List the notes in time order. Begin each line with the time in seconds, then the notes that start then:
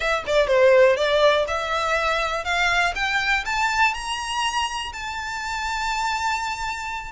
0.00 E5
0.26 D5
0.47 C5
0.96 D5
1.47 E5
2.44 F5
2.95 G5
3.45 A5
3.93 A#5
4.92 A5